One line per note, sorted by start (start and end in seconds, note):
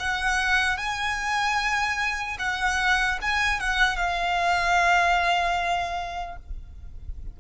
0.00 0.78 F#5
0.78 2.38 G#5
2.39 3.19 F#5
3.22 3.60 G#5
3.60 3.97 F#5
3.97 6.37 F5